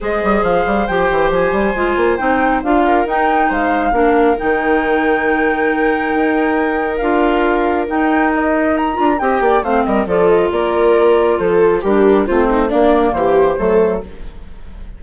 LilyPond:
<<
  \new Staff \with { instrumentName = "flute" } { \time 4/4 \tempo 4 = 137 dis''4 f''4 g''4 gis''4~ | gis''4 g''4 f''4 g''4 | f''2 g''2~ | g''1 |
f''2 g''4 dis''4 | ais''4 g''4 f''8 dis''8 d''8 dis''8 | d''2 c''4 ais'4 | c''4 d''4 c''2 | }
  \new Staff \with { instrumentName = "viola" } { \time 4/4 c''1~ | c''2~ c''8 ais'4. | c''4 ais'2.~ | ais'1~ |
ais'1~ | ais'4 dis''8 d''8 c''8 ais'8 a'4 | ais'2 a'4 g'4 | f'8 dis'8 d'4 g'4 a'4 | }
  \new Staff \with { instrumentName = "clarinet" } { \time 4/4 gis'2 g'2 | f'4 dis'4 f'4 dis'4~ | dis'4 d'4 dis'2~ | dis'1 |
f'2 dis'2~ | dis'8 f'8 g'4 c'4 f'4~ | f'2. d'4 | c'4 ais2 a4 | }
  \new Staff \with { instrumentName = "bassoon" } { \time 4/4 gis8 g8 f8 g8 f8 e8 f8 g8 | gis8 ais8 c'4 d'4 dis'4 | gis4 ais4 dis2~ | dis2 dis'2 |
d'2 dis'2~ | dis'8 d'8 c'8 ais8 a8 g8 f4 | ais2 f4 g4 | a4 ais4 e4 fis4 | }
>>